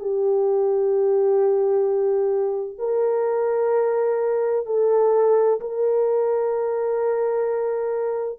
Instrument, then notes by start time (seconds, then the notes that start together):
horn
0.00 G4
2.79 A#4
4.66 A4
5.61 A#4